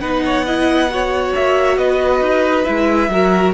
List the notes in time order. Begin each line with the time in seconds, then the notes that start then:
0.00 B3 D#4 B4 F#5
0.25 C#5
0.46 E4 D#5
0.90 F#4 C#5
1.35 A#3 E5
1.77 B3 B4 D#5
2.21 D#4
2.64 G#3 E4 E5
3.08 F#3 F#4 A#4